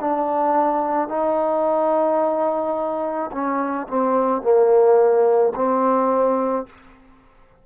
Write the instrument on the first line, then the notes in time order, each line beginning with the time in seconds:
trombone
0.00 D4
1.08 D#4
3.31 C#4
3.87 C4
4.41 A#3
5.55 C4